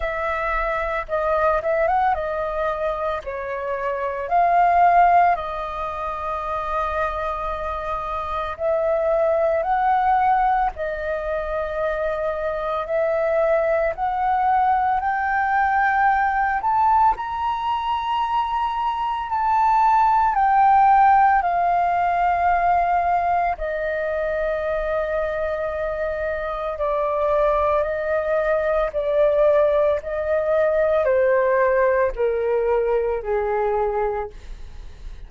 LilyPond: \new Staff \with { instrumentName = "flute" } { \time 4/4 \tempo 4 = 56 e''4 dis''8 e''16 fis''16 dis''4 cis''4 | f''4 dis''2. | e''4 fis''4 dis''2 | e''4 fis''4 g''4. a''8 |
ais''2 a''4 g''4 | f''2 dis''2~ | dis''4 d''4 dis''4 d''4 | dis''4 c''4 ais'4 gis'4 | }